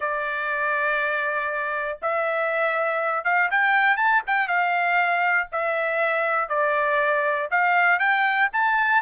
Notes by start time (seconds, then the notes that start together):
0.00 D5
2.02 E5
3.24 F5
3.50 G5
3.97 A5
4.26 G5
4.47 F5
5.52 E5
6.49 D5
7.50 F5
7.99 G5
8.53 A5